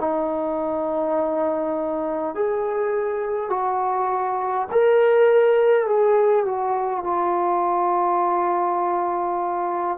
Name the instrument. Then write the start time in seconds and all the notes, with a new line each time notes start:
trombone
0.00 D#4
2.35 G#4
3.50 F#4
4.72 A#4
5.87 G#4
6.45 F#4
7.04 F4